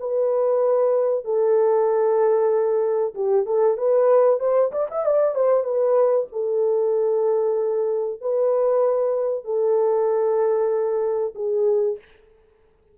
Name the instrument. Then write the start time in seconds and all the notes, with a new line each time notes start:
horn
0.00 B4
1.25 A4
3.15 G4
3.46 A4
3.78 B4
4.40 C5
4.72 D5
4.91 E5
5.06 D5
5.35 C5
5.64 B4
6.32 A4
8.21 B4
9.45 A4
11.35 G#4